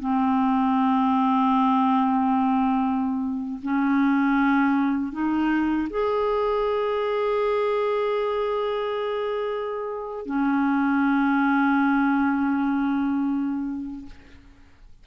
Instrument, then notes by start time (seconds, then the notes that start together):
clarinet
0.00 C4
3.63 C#4
5.12 D#4
5.90 G#4
10.26 C#4